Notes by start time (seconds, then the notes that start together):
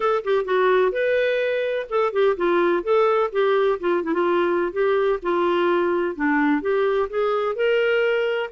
0.00 A4
0.24 G4
0.44 F#4
0.92 B4
1.89 A4
2.12 G4
2.36 F4
2.83 A4
3.32 G4
3.79 F4
4.03 E4
4.13 F4
4.72 G4
5.22 F4
6.15 D4
6.61 G4
7.09 G#4
7.55 A#4